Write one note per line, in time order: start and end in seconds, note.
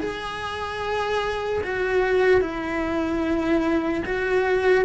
0.00 1.62 G#4
1.64 2.41 F#4
2.41 4.03 E4
4.05 4.85 F#4